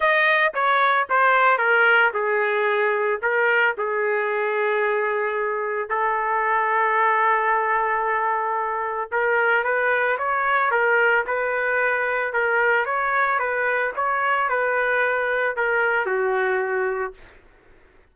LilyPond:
\new Staff \with { instrumentName = "trumpet" } { \time 4/4 \tempo 4 = 112 dis''4 cis''4 c''4 ais'4 | gis'2 ais'4 gis'4~ | gis'2. a'4~ | a'1~ |
a'4 ais'4 b'4 cis''4 | ais'4 b'2 ais'4 | cis''4 b'4 cis''4 b'4~ | b'4 ais'4 fis'2 | }